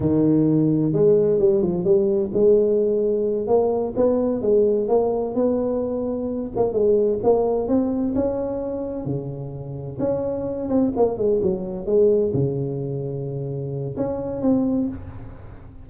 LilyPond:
\new Staff \with { instrumentName = "tuba" } { \time 4/4 \tempo 4 = 129 dis2 gis4 g8 f8 | g4 gis2~ gis8 ais8~ | ais8 b4 gis4 ais4 b8~ | b2 ais8 gis4 ais8~ |
ais8 c'4 cis'2 cis8~ | cis4. cis'4. c'8 ais8 | gis8 fis4 gis4 cis4.~ | cis2 cis'4 c'4 | }